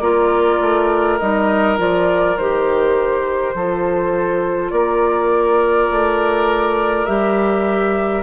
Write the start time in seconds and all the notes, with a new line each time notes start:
0.00 A#3 F4 A#4 D5
0.61 A3
1.19 G3 D#4 D#5
1.77 F3 F4 D5
2.37 D#3 G4 C5
3.54 F3 F4 A4
4.70 A#3 A#4 D5
5.90 A3
7.05 G3 G4 E5